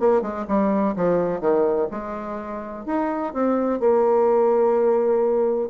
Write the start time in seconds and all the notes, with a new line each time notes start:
0.00 A#3
0.22 G#3
0.48 G3
0.96 F3
1.41 D#3
1.91 G#3
2.86 D#4
3.34 C4
3.80 A#3